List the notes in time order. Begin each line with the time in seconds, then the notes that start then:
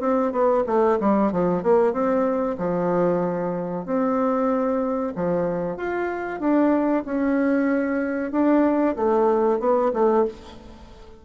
0.00 C4
0.32 B3
0.66 A3
1.00 G3
1.32 F3
1.63 A#3
1.93 C4
2.58 F3
3.86 C4
5.15 F3
5.77 F4
6.40 D4
7.05 C#4
8.32 D4
8.96 A3
9.59 B3
9.93 A3